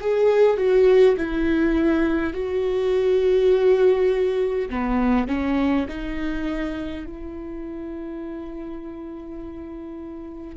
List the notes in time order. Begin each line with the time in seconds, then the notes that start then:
0.00 G#4
0.57 F#4
1.17 E4
2.33 F#4
4.69 B3
5.28 C#4
5.88 D#4
7.05 E4